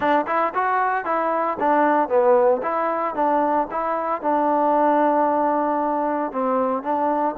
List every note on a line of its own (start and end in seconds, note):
0.00 0.25 D4
0.26 0.53 E4
0.54 1.05 F#4
1.05 1.57 E4
1.59 2.08 D4
2.08 2.61 B3
2.62 3.14 E4
3.14 3.67 D4
3.70 4.21 E4
4.21 6.32 D4
6.32 6.82 C4
6.82 7.35 D4